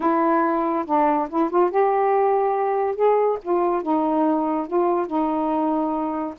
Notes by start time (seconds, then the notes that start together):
0.00 E4
0.85 D4
1.29 E4
1.50 F4
1.70 G4
2.95 G#4
3.42 F4
3.82 D#4
4.67 F4
5.06 D#4